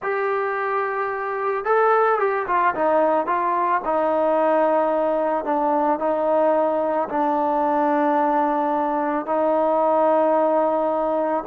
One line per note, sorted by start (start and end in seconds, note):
0.02 1.65 G4
1.65 2.19 A4
2.19 2.46 G4
2.47 2.74 F4
2.74 3.26 D#4
3.26 3.81 F4
3.85 5.44 D#4
5.44 5.99 D4
5.99 7.08 D#4
7.08 9.26 D4
9.26 11.44 D#4